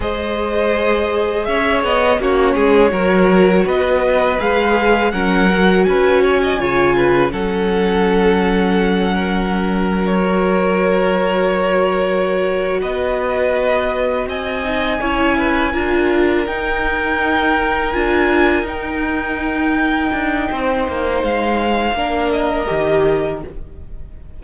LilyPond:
<<
  \new Staff \with { instrumentName = "violin" } { \time 4/4 \tempo 4 = 82 dis''2 e''8 dis''8 cis''4~ | cis''4 dis''4 f''4 fis''4 | gis''2 fis''2~ | fis''4.~ fis''16 cis''2~ cis''16~ |
cis''4. dis''2 gis''8~ | gis''2~ gis''8 g''4.~ | g''8 gis''4 g''2~ g''8~ | g''4 f''4. dis''4. | }
  \new Staff \with { instrumentName = "violin" } { \time 4/4 c''2 cis''4 fis'8 gis'8 | ais'4 b'2 ais'4 | b'8 cis''16 dis''16 cis''8 b'8 a'2~ | a'8 ais'2.~ ais'8~ |
ais'4. b'2 dis''8~ | dis''8 cis''8 b'8 ais'2~ ais'8~ | ais'1 | c''2 ais'2 | }
  \new Staff \with { instrumentName = "viola" } { \time 4/4 gis'2. cis'4 | fis'2 gis'4 cis'8 fis'8~ | fis'4 f'4 cis'2~ | cis'2 fis'2~ |
fis'1 | dis'8 e'4 f'4 dis'4.~ | dis'8 f'4 dis'2~ dis'8~ | dis'2 d'4 g'4 | }
  \new Staff \with { instrumentName = "cello" } { \time 4/4 gis2 cis'8 b8 ais8 gis8 | fis4 b4 gis4 fis4 | cis'4 cis4 fis2~ | fis1~ |
fis4. b2 c'8~ | c'8 cis'4 d'4 dis'4.~ | dis'8 d'4 dis'2 d'8 | c'8 ais8 gis4 ais4 dis4 | }
>>